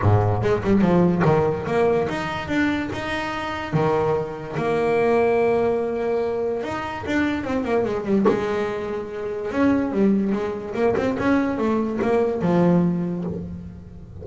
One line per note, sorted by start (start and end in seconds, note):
0.02 0.42 G#2
0.42 0.62 G#3
0.63 0.81 G3
0.81 1.22 F3
1.24 1.66 D#3
1.66 2.07 A#3
2.09 2.47 D#4
2.47 2.89 D4
2.92 3.73 D#4
3.73 4.56 D#3
4.56 6.63 A#3
6.63 7.04 D#4
7.06 7.44 D4
7.44 7.64 C4
7.64 7.84 A#3
7.84 8.05 G#3
8.05 8.25 G3
8.27 9.51 G#3
9.51 9.92 C#4
9.92 10.32 G3
10.32 10.74 G#3
10.74 10.95 A#3
10.96 11.17 C4
11.18 11.58 C#4
11.58 11.99 A3
12.01 12.41 A#3
12.41 13.24 F3